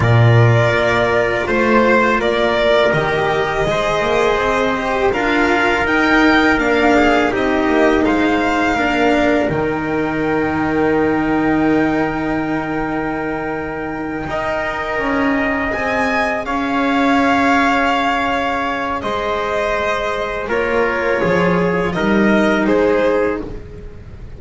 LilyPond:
<<
  \new Staff \with { instrumentName = "violin" } { \time 4/4 \tempo 4 = 82 d''2 c''4 d''4 | dis''2. f''4 | g''4 f''4 dis''4 f''4~ | f''4 g''2.~ |
g''1~ | g''4. gis''4 f''4.~ | f''2 dis''2 | cis''2 dis''4 c''4 | }
  \new Staff \with { instrumentName = "trumpet" } { \time 4/4 ais'2 c''4 ais'4~ | ais'4 c''2 ais'4~ | ais'4. gis'8 g'4 c''4 | ais'1~ |
ais'2.~ ais'8 dis''8~ | dis''2~ dis''8 cis''4.~ | cis''2 c''2 | ais'4 gis'4 ais'4 gis'4 | }
  \new Staff \with { instrumentName = "cello" } { \time 4/4 f'1 | g'4 gis'4. g'8 f'4 | dis'4 d'4 dis'2 | d'4 dis'2.~ |
dis'2.~ dis'8 ais'8~ | ais'4. gis'2~ gis'8~ | gis'1 | f'2 dis'2 | }
  \new Staff \with { instrumentName = "double bass" } { \time 4/4 ais,4 ais4 a4 ais4 | dis4 gis8 ais8 c'4 d'4 | dis'4 ais4 c'8 ais8 gis4 | ais4 dis2.~ |
dis2.~ dis8 dis'8~ | dis'8 cis'4 c'4 cis'4.~ | cis'2 gis2 | ais4 f4 g4 gis4 | }
>>